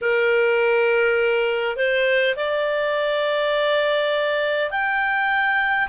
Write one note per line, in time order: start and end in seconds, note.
0.01 1.76 A#4
1.76 2.35 C5
2.36 4.71 D5
4.71 5.88 G5